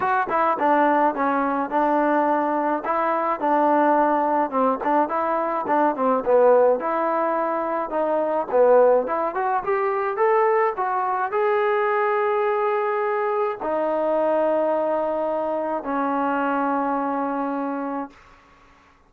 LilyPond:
\new Staff \with { instrumentName = "trombone" } { \time 4/4 \tempo 4 = 106 fis'8 e'8 d'4 cis'4 d'4~ | d'4 e'4 d'2 | c'8 d'8 e'4 d'8 c'8 b4 | e'2 dis'4 b4 |
e'8 fis'8 g'4 a'4 fis'4 | gis'1 | dis'1 | cis'1 | }